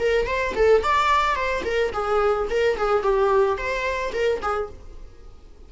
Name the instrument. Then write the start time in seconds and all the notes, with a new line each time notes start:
viola
0.00 A#4
0.27 C5
0.56 A4
0.83 D5
1.36 C5
1.65 A#4
1.93 G#4
2.50 A#4
2.77 G#4
3.03 G4
3.58 C5
4.14 A#4
4.42 G#4